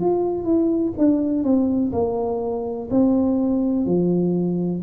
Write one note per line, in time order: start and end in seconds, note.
0.00 0.44 F4
0.44 0.92 E4
0.97 1.43 D4
1.43 1.91 C4
1.92 2.89 A#3
2.90 3.85 C4
3.85 4.82 F3